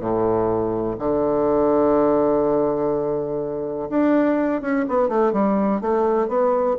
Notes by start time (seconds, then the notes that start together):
0.00 A2
0.99 D3
3.90 D4
4.61 C#4
4.89 B3
5.09 A3
5.33 G3
5.81 A3
6.29 B3